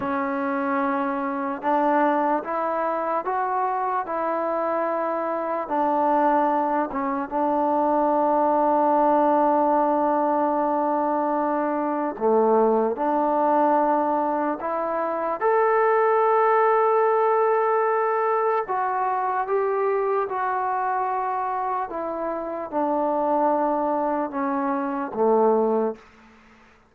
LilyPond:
\new Staff \with { instrumentName = "trombone" } { \time 4/4 \tempo 4 = 74 cis'2 d'4 e'4 | fis'4 e'2 d'4~ | d'8 cis'8 d'2.~ | d'2. a4 |
d'2 e'4 a'4~ | a'2. fis'4 | g'4 fis'2 e'4 | d'2 cis'4 a4 | }